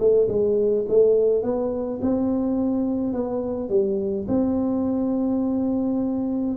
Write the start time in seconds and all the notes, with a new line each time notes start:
0.00 A3
0.29 G#3
0.89 A3
1.43 B3
2.02 C4
3.14 B3
3.70 G3
4.29 C4